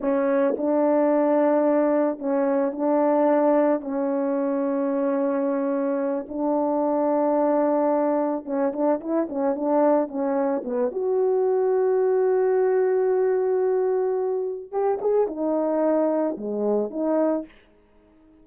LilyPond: \new Staff \with { instrumentName = "horn" } { \time 4/4 \tempo 4 = 110 cis'4 d'2. | cis'4 d'2 cis'4~ | cis'2.~ cis'8 d'8~ | d'2.~ d'8 cis'8 |
d'8 e'8 cis'8 d'4 cis'4 b8 | fis'1~ | fis'2. g'8 gis'8 | dis'2 gis4 dis'4 | }